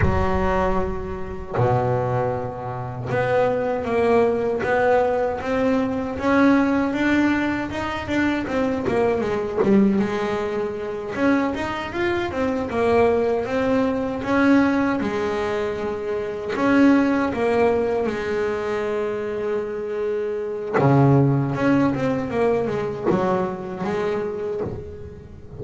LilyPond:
\new Staff \with { instrumentName = "double bass" } { \time 4/4 \tempo 4 = 78 fis2 b,2 | b4 ais4 b4 c'4 | cis'4 d'4 dis'8 d'8 c'8 ais8 | gis8 g8 gis4. cis'8 dis'8 f'8 |
c'8 ais4 c'4 cis'4 gis8~ | gis4. cis'4 ais4 gis8~ | gis2. cis4 | cis'8 c'8 ais8 gis8 fis4 gis4 | }